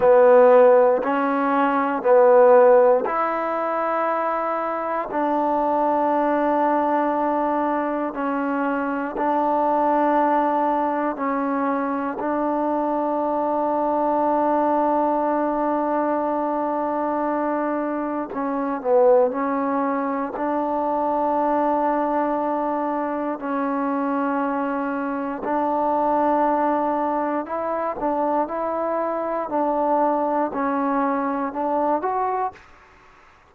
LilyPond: \new Staff \with { instrumentName = "trombone" } { \time 4/4 \tempo 4 = 59 b4 cis'4 b4 e'4~ | e'4 d'2. | cis'4 d'2 cis'4 | d'1~ |
d'2 cis'8 b8 cis'4 | d'2. cis'4~ | cis'4 d'2 e'8 d'8 | e'4 d'4 cis'4 d'8 fis'8 | }